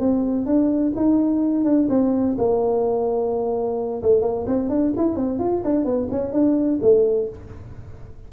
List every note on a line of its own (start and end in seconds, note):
0.00 0.46 C4
0.46 0.93 D4
0.96 1.65 D#4
1.65 1.88 D4
1.90 2.37 C4
2.38 4.02 A#3
4.02 4.22 A3
4.22 4.45 A#3
4.47 4.70 C4
4.70 4.93 D4
4.97 5.16 E4
5.16 5.39 C4
5.39 5.62 F4
5.65 5.85 D4
5.85 6.09 B3
6.12 6.33 C#4
6.33 6.80 D4
6.82 7.29 A3